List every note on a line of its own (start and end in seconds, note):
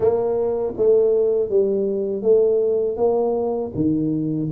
0.00 0.73 A#3
0.76 1.49 A3
1.49 2.22 G3
2.22 2.96 A3
2.96 3.71 A#3
3.74 4.49 D#3